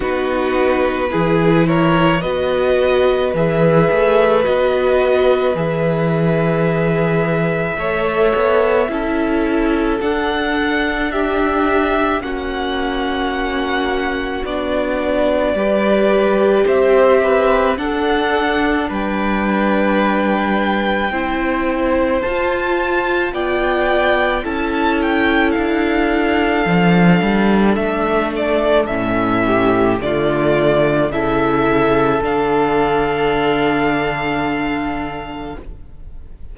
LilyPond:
<<
  \new Staff \with { instrumentName = "violin" } { \time 4/4 \tempo 4 = 54 b'4. cis''8 dis''4 e''4 | dis''4 e''2.~ | e''4 fis''4 e''4 fis''4~ | fis''4 d''2 e''4 |
fis''4 g''2. | a''4 g''4 a''8 g''8 f''4~ | f''4 e''8 d''8 e''4 d''4 | e''4 f''2. | }
  \new Staff \with { instrumentName = "violin" } { \time 4/4 fis'4 gis'8 ais'8 b'2~ | b'2. cis''4 | a'2 g'4 fis'4~ | fis'2 b'4 c''8 b'8 |
a'4 b'2 c''4~ | c''4 d''4 a'2~ | a'2~ a'8 g'8 f'4 | a'1 | }
  \new Staff \with { instrumentName = "viola" } { \time 4/4 dis'4 e'4 fis'4 gis'4 | fis'4 gis'2 a'4 | e'4 d'2 cis'4~ | cis'4 d'4 g'2 |
d'2. e'4 | f'2 e'2 | d'2 cis'4 a4 | e'4 d'2. | }
  \new Staff \with { instrumentName = "cello" } { \time 4/4 b4 e4 b4 e8 a8 | b4 e2 a8 b8 | cis'4 d'2 ais4~ | ais4 b4 g4 c'4 |
d'4 g2 c'4 | f'4 b4 cis'4 d'4 | f8 g8 a4 a,4 d4 | cis4 d2. | }
>>